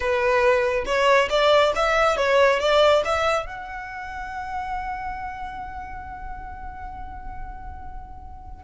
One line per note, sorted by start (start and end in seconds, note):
0.00 0.84 B4
0.85 1.29 C#5
1.29 1.72 D5
1.75 2.16 E5
2.16 2.59 C#5
2.59 3.02 D5
3.05 3.46 E5
3.46 8.63 F#5